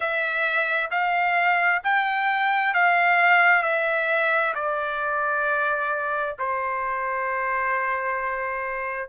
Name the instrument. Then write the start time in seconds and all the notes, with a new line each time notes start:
trumpet
0.00 E5
0.90 F5
1.83 G5
2.74 F5
3.62 E5
4.55 D5
6.38 C5